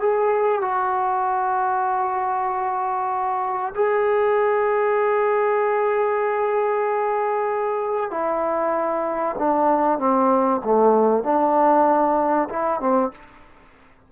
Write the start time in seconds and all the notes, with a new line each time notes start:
0.00 G#4
0.62 F#4
3.75 G#4
8.11 E4
9.39 D4
9.99 C4
10.64 A3
11.24 D4
12.49 E4
12.80 C4